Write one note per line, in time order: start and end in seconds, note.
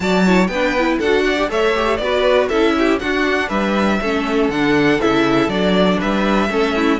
0.00 0.48 F#3
0.00 0.24 F#4
0.00 0.25 D5
0.00 0.47 A5
0.25 0.50 E4
0.25 0.50 C#5
0.47 0.98 B3
0.47 0.98 B4
0.47 0.97 G5
0.53 0.78 D4
0.78 1.03 E4
0.98 1.49 D4
0.98 1.36 F#4
0.98 1.23 A4
0.98 1.50 F#5
1.24 1.49 D5
1.36 1.48 G4
1.48 1.98 A3
1.48 1.73 A4
1.48 2.01 C#5
1.48 1.96 E5
1.74 1.99 G4
1.96 2.48 B3
1.96 2.51 F#4
1.96 2.46 D5
2.03 2.49 B4
2.48 3.00 C#4
2.48 2.99 E4
2.48 2.74 A4
2.48 2.98 E5
2.78 3.01 G4
2.99 3.99 D4
2.99 3.49 D4
2.99 3.48 F#4
2.99 3.49 F#5
3.48 3.99 G3
3.48 3.98 B4
3.48 4.49 E5
4.01 4.48 A3
4.01 4.52 C#4
4.01 5.99 A4
4.48 4.98 D3
4.48 5.01 D4
4.48 5.00 F#5
5.00 5.47 C#3
5.00 5.50 E4
5.00 5.49 E5
5.47 5.97 F#3
5.47 6.49 D4
5.47 5.99 D5
5.99 6.49 G3
5.99 6.49 B4
5.99 6.99 E5
6.49 6.99 A3
6.49 6.99 C#4
6.49 6.76 A4
6.76 6.99 E4